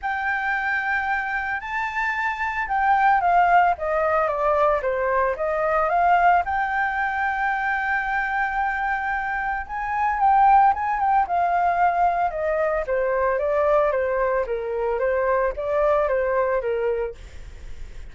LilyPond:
\new Staff \with { instrumentName = "flute" } { \time 4/4 \tempo 4 = 112 g''2. a''4~ | a''4 g''4 f''4 dis''4 | d''4 c''4 dis''4 f''4 | g''1~ |
g''2 gis''4 g''4 | gis''8 g''8 f''2 dis''4 | c''4 d''4 c''4 ais'4 | c''4 d''4 c''4 ais'4 | }